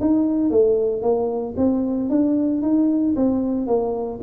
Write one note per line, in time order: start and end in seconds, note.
0.00 0.50 D#4
0.50 1.02 A3
1.02 1.55 A#3
1.56 2.09 C4
2.09 2.62 D4
2.62 3.15 D#4
3.15 3.66 C4
3.66 4.19 A#3